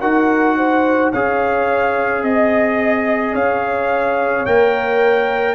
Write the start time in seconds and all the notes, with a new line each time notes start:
0.00 D#4 F#4 A#4 F#5
0.56 C5
1.12 C#4 G#4 C#5 F5
2.22 C4 D#5
3.32 C#4 C#5 F5
4.45 A#3 A#4 G5